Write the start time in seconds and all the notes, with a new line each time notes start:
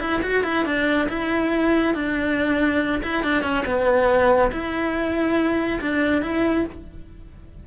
0.00 E4
0.23 F#4
0.44 E4
0.65 D4
1.09 E4
1.94 D4
3.03 E4
3.23 D4
3.43 C#4
3.66 B3
4.52 E4
5.81 D4
6.22 E4